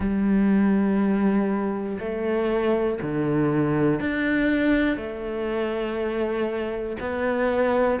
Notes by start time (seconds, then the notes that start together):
0.00 G3
2.00 A3
3.01 D3
4.00 D4
4.96 A3
7.00 B3